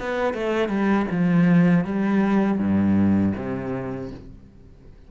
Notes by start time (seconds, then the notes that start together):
0.00 B3
0.34 A3
0.69 G3
1.11 F3
1.85 G3
2.58 G2
3.36 C3